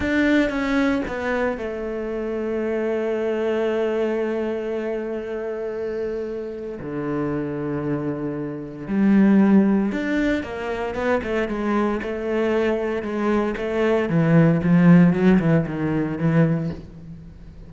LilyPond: \new Staff \with { instrumentName = "cello" } { \time 4/4 \tempo 4 = 115 d'4 cis'4 b4 a4~ | a1~ | a1~ | a4 d2.~ |
d4 g2 d'4 | ais4 b8 a8 gis4 a4~ | a4 gis4 a4 e4 | f4 fis8 e8 dis4 e4 | }